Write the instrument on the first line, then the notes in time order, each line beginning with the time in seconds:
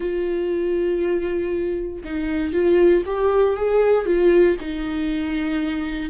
viola
0.00 F4
2.04 D#4
2.53 F4
3.06 G4
3.56 G#4
4.05 F4
4.60 D#4